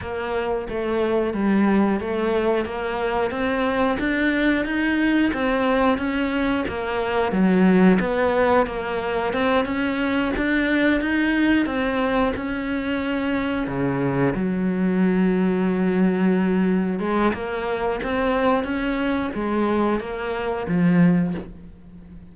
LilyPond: \new Staff \with { instrumentName = "cello" } { \time 4/4 \tempo 4 = 90 ais4 a4 g4 a4 | ais4 c'4 d'4 dis'4 | c'4 cis'4 ais4 fis4 | b4 ais4 c'8 cis'4 d'8~ |
d'8 dis'4 c'4 cis'4.~ | cis'8 cis4 fis2~ fis8~ | fis4. gis8 ais4 c'4 | cis'4 gis4 ais4 f4 | }